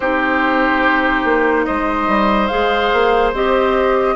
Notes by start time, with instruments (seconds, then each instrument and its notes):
0.00 bassoon C4, clarinet D#4, oboe G4, flute C5
1.24 bassoon A#3
1.64 bassoon G#3, oboe C5, flute D#5
2.07 bassoon G3
2.47 bassoon G#3, clarinet G#4, flute F5
2.92 bassoon A#3
3.33 bassoon C4, clarinet G4, flute D#5